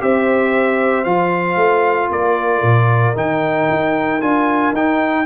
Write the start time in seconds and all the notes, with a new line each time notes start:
0.00 C4 G4 C5 E5
1.04 F3 F4 F5
1.56 A3
2.09 A#3 A#4 D5
2.62 A#2
3.15 D#3 D#4 G5
3.70 D#4
4.21 D4 F4 G#5
4.72 D#4 G5